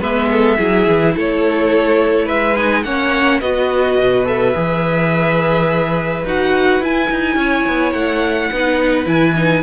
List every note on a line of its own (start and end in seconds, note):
0.00 0.57 G#3
0.00 0.58 B3
0.00 0.28 B4
0.00 1.16 E5
0.31 0.58 A4
0.58 0.88 F#3
0.58 2.56 E4
0.58 1.15 G#4
0.88 1.16 E3
1.15 2.30 A3
1.15 2.25 A4
1.15 2.28 C#5
2.25 2.85 G#3
2.25 2.82 B4
2.25 2.56 E5
2.56 2.85 D#4
2.56 2.84 G#5
2.84 3.41 A#3
2.84 3.42 C#4
2.84 3.40 C#5
2.84 3.40 F#5
3.40 3.98 B3
3.40 4.25 F#4
3.40 7.37 B4
3.40 4.26 D#5
3.98 4.54 B2
4.25 4.53 A4
4.25 6.26 E5
4.54 6.25 E3
4.54 6.24 G#4
6.25 6.80 D#4
6.25 6.83 F#4
6.25 6.85 F#5
6.80 7.09 E4
6.80 8.52 E4
6.80 7.93 G#5
7.10 7.36 D#4
7.36 7.64 C#4
7.36 8.52 C#5
7.67 7.94 B3
7.93 8.51 A3
7.93 9.06 F#5
8.52 9.06 B3
8.52 9.06 D#4
8.52 9.63 B4
9.06 9.63 E3
9.06 9.34 E4
9.06 9.63 G#5
9.36 9.63 D#4